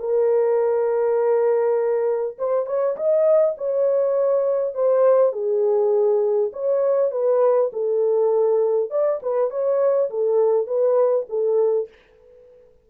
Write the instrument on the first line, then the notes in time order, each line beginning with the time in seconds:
horn
0.00 A#4
2.39 C5
2.67 C#5
2.97 D#5
3.58 C#5
4.75 C5
5.33 G#4
6.53 C#5
7.12 B4
7.73 A4
8.91 D5
9.23 B4
9.51 C#5
10.11 A4
10.67 B4
11.30 A4